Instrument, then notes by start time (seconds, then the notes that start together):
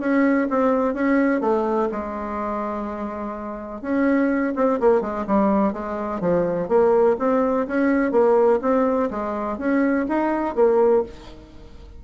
bassoon
0.00 C#4
0.50 C4
0.94 C#4
1.42 A3
1.92 G#3
3.82 C#4
4.56 C4
4.80 A#3
5.02 G#3
5.27 G3
5.73 G#3
6.21 F3
6.69 A#3
7.19 C4
7.68 C#4
8.12 A#3
8.62 C4
9.11 G#3
9.59 C#4
10.09 D#4
10.56 A#3